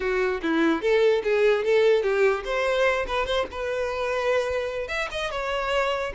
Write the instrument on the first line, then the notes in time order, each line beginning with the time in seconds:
violin
0.00 F#4
0.42 E4
0.81 A4
1.23 G#4
1.64 A4
2.02 G4
2.45 C5
3.07 B4
3.26 C5
3.51 B4
4.88 E5
5.11 D#5
5.31 C#5